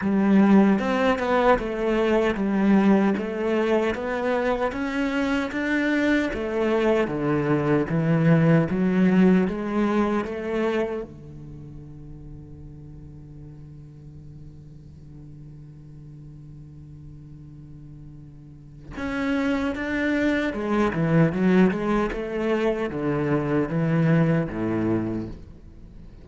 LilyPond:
\new Staff \with { instrumentName = "cello" } { \time 4/4 \tempo 4 = 76 g4 c'8 b8 a4 g4 | a4 b4 cis'4 d'4 | a4 d4 e4 fis4 | gis4 a4 d2~ |
d1~ | d1 | cis'4 d'4 gis8 e8 fis8 gis8 | a4 d4 e4 a,4 | }